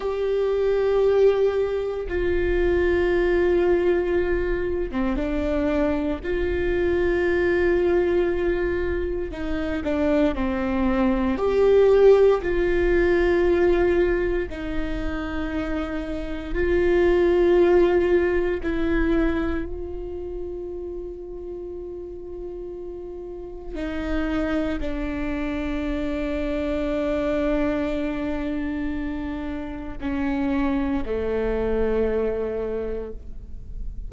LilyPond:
\new Staff \with { instrumentName = "viola" } { \time 4/4 \tempo 4 = 58 g'2 f'2~ | f'8. c'16 d'4 f'2~ | f'4 dis'8 d'8 c'4 g'4 | f'2 dis'2 |
f'2 e'4 f'4~ | f'2. dis'4 | d'1~ | d'4 cis'4 a2 | }